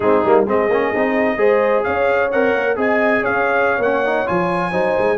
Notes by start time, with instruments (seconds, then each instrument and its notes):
0.00 tuba G#3, trombone C4, horn D#4, trumpet G#4
0.24 tuba G3, trombone A#3
0.45 tuba G#3, trombone C4, horn G#4, trumpet D#5
0.69 tuba A#3, trombone C#4
0.94 tuba C4, trombone D#4
1.36 tuba G#3, trombone G#4, horn C5
1.83 tuba C#4, horn C#5, trumpet F5
2.31 tuba C4, trombone A#4, trumpet F#5
2.54 tuba A#3
2.75 tuba C4, trombone G#4, horn D#5, trumpet G#5
3.21 tuba C#4, horn C#5, trumpet F5
3.78 tuba A#3, trombone C#4, trumpet F#5
4.05 trombone D#4
4.26 tuba F3, trombone F4, trumpet G#5
4.71 tuba F#3, trombone D#4, horn C5
4.98 tuba G#3